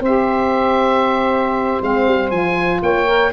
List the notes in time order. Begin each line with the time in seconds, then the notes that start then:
0.00 C4 G4 C5 E5
1.80 G#3 C4 F5
2.06 G3
2.30 F3 F4 G#5
2.81 A#3 C#5 G5
3.05 A#4